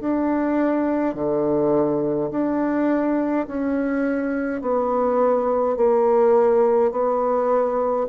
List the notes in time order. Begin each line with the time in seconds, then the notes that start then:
0.00 D4
1.15 D3
2.31 D4
3.47 C#4
4.62 B3
5.76 A#3
6.91 B3